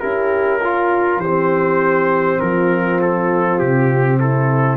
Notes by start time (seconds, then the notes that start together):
0.00 C#4 E4 G4 A#4
0.60 F4
1.18 E3 G4 C5
1.24 C4
2.41 F3 F4 A#4
3.02 A4
3.59 C3 G4
4.20 E4 A4